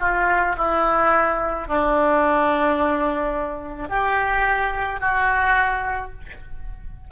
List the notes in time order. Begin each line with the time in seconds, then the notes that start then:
0.00 F4
0.58 E4
1.68 D4
3.89 G4
5.01 F#4